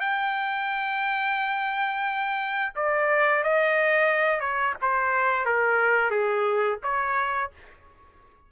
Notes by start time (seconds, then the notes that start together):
0.00 G5
2.75 D5
3.43 D#5
4.40 C#5
4.81 C5
5.45 A#4
6.10 G#4
6.83 C#5